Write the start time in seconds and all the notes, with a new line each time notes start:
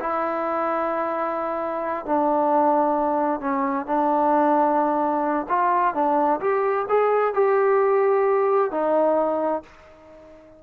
0.00 E4
2.06 D4
3.41 C#4
3.86 D4
5.49 F4
5.95 D4
6.40 G4
6.89 G#4
7.34 G4
8.71 D#4